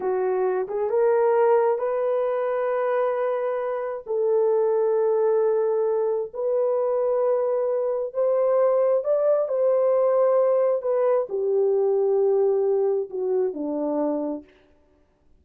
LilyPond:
\new Staff \with { instrumentName = "horn" } { \time 4/4 \tempo 4 = 133 fis'4. gis'8 ais'2 | b'1~ | b'4 a'2.~ | a'2 b'2~ |
b'2 c''2 | d''4 c''2. | b'4 g'2.~ | g'4 fis'4 d'2 | }